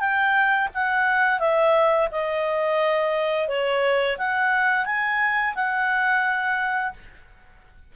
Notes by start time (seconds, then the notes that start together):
0.00 G5
0.75 F#5
1.40 E5
2.12 D#5
3.49 C#5
4.18 F#5
4.86 G#5
5.55 F#5